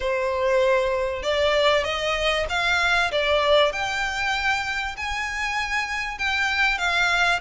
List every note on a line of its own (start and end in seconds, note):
0.00 1.22 C5
1.22 1.84 D5
1.84 2.46 D#5
2.49 3.11 F5
3.11 3.72 D5
3.72 4.96 G5
4.97 6.18 G#5
6.18 6.78 G5
6.78 7.39 F5